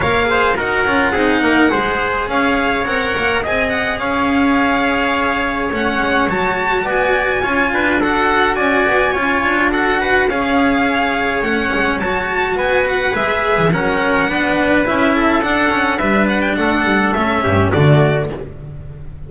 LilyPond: <<
  \new Staff \with { instrumentName = "violin" } { \time 4/4 \tempo 4 = 105 f''4 fis''2. | f''4 fis''4 gis''8 fis''8 f''4~ | f''2 fis''4 a''4 | gis''2 fis''4 gis''4~ |
gis''4 fis''4 f''2 | fis''4 a''4 gis''8 fis''8 e''4 | fis''2 e''4 fis''4 | e''8 fis''16 g''16 fis''4 e''4 d''4 | }
  \new Staff \with { instrumentName = "trumpet" } { \time 4/4 cis''8 c''8 ais'4 gis'8 ais'8 c''4 | cis''2 dis''4 cis''4~ | cis''1 | d''4 cis''8 b'8 a'4 d''4 |
cis''4 a'8 b'8 cis''2~ | cis''2 b'2 | ais'4 b'4. a'4. | b'4 a'4. g'8 fis'4 | }
  \new Staff \with { instrumentName = "cello" } { \time 4/4 ais'8 gis'8 fis'8 f'8 dis'4 gis'4~ | gis'4 ais'4 gis'2~ | gis'2 cis'4 fis'4~ | fis'4 f'4 fis'2 |
f'4 fis'4 gis'2 | cis'4 fis'2 gis'4 | cis'4 d'4 e'4 d'8 cis'8 | d'2 cis'4 a4 | }
  \new Staff \with { instrumentName = "double bass" } { \time 4/4 ais4 dis'8 cis'8 c'8 ais8 gis4 | cis'4 c'8 ais8 c'4 cis'4~ | cis'2 a8 gis8 fis4 | b4 cis'8 d'4. cis'8 b8 |
cis'8 d'4. cis'2 | a8 gis8 fis4 b4 gis8. e16 | fis4 b4 cis'4 d'4 | g4 a8 g8 a8 g,8 d4 | }
>>